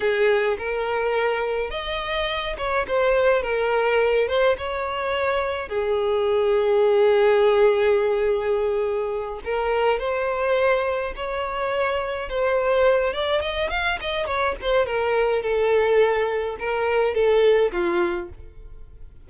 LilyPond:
\new Staff \with { instrumentName = "violin" } { \time 4/4 \tempo 4 = 105 gis'4 ais'2 dis''4~ | dis''8 cis''8 c''4 ais'4. c''8 | cis''2 gis'2~ | gis'1~ |
gis'8 ais'4 c''2 cis''8~ | cis''4. c''4. d''8 dis''8 | f''8 dis''8 cis''8 c''8 ais'4 a'4~ | a'4 ais'4 a'4 f'4 | }